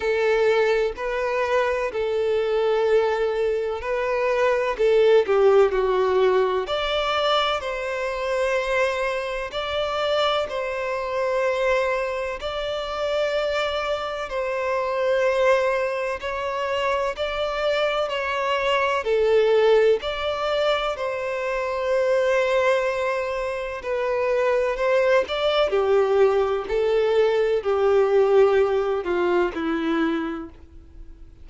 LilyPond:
\new Staff \with { instrumentName = "violin" } { \time 4/4 \tempo 4 = 63 a'4 b'4 a'2 | b'4 a'8 g'8 fis'4 d''4 | c''2 d''4 c''4~ | c''4 d''2 c''4~ |
c''4 cis''4 d''4 cis''4 | a'4 d''4 c''2~ | c''4 b'4 c''8 d''8 g'4 | a'4 g'4. f'8 e'4 | }